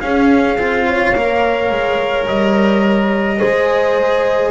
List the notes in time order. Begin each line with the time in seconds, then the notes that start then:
0.00 C#4 G#4 F5
0.56 C4 F4
0.86 C#5
1.15 A#3 A#4
1.70 G#3
2.27 G3 D#5
3.38 G#3 G#4 C5